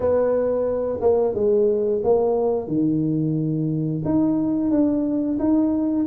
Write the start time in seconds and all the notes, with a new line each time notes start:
0.00 B3
1.01 A#3
1.34 G#3
2.03 A#3
2.67 D#3
4.04 D#4
4.70 D4
5.39 D#4